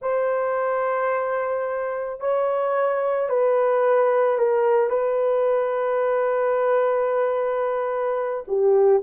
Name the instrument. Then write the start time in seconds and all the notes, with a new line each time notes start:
horn
0.01 C5
2.20 C#5
3.29 B4
4.38 A#4
4.89 B4
8.47 G4